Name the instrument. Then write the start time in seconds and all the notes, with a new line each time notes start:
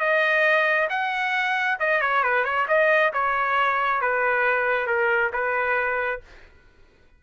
trumpet
0.00 D#5
0.90 F#5
1.80 D#5
2.02 C#5
2.24 B4
2.45 C#5
2.68 D#5
3.13 C#5
4.01 B4
4.87 A#4
5.33 B4